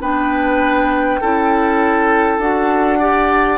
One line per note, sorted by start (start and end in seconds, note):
0.00 1.20 B3
0.00 1.21 D4
0.00 1.21 B4
0.00 2.39 G5
1.21 2.38 C#4
1.21 2.41 E4
1.21 2.98 A4
2.38 3.58 D4
2.38 2.99 F#4
2.38 3.58 F#5
2.98 3.58 G4
2.98 3.58 D5